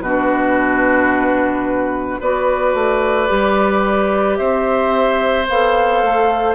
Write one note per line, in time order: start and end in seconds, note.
0.00 2.18 B2
0.00 2.21 D4
0.00 2.20 F#4
0.00 2.19 B4
2.20 2.73 B3
2.20 3.27 F#4
2.20 4.38 B4
2.20 4.36 D5
2.73 3.28 A3
3.27 4.39 G3
3.27 5.45 G4
4.36 5.48 C4
4.36 6.55 C5
4.36 5.45 E5
5.48 6.02 B3
5.48 6.55 A4
5.48 6.55 F5
6.02 6.55 A3